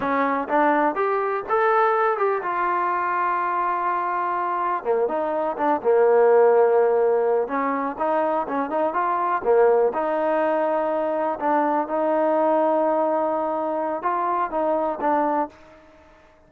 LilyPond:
\new Staff \with { instrumentName = "trombone" } { \time 4/4 \tempo 4 = 124 cis'4 d'4 g'4 a'4~ | a'8 g'8 f'2.~ | f'2 ais8 dis'4 d'8 | ais2.~ ais8 cis'8~ |
cis'8 dis'4 cis'8 dis'8 f'4 ais8~ | ais8 dis'2. d'8~ | d'8 dis'2.~ dis'8~ | dis'4 f'4 dis'4 d'4 | }